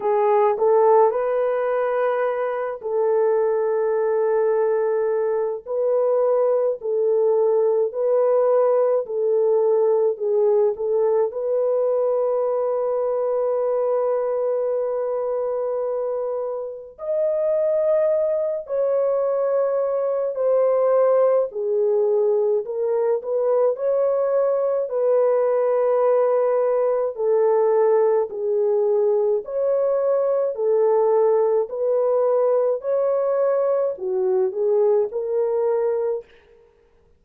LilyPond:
\new Staff \with { instrumentName = "horn" } { \time 4/4 \tempo 4 = 53 gis'8 a'8 b'4. a'4.~ | a'4 b'4 a'4 b'4 | a'4 gis'8 a'8 b'2~ | b'2. dis''4~ |
dis''8 cis''4. c''4 gis'4 | ais'8 b'8 cis''4 b'2 | a'4 gis'4 cis''4 a'4 | b'4 cis''4 fis'8 gis'8 ais'4 | }